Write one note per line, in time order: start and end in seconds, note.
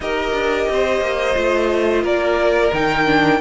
0.00 0.31 D#4
0.00 1.35 G4
0.00 0.70 A#4
0.00 2.05 D#5
0.33 0.67 D4
0.69 1.01 C4
0.69 2.03 C5
1.01 1.35 A#3
1.35 2.03 A3
1.35 2.71 F4
2.03 2.71 A#3
2.03 3.39 A#4
2.03 2.73 D5
2.72 3.40 D#3
2.72 3.05 D#4
2.72 3.41 G5
3.05 3.39 D4